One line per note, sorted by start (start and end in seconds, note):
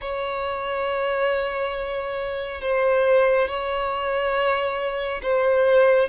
0.01 2.61 C#5
2.61 3.47 C5
3.47 5.21 C#5
5.22 6.08 C5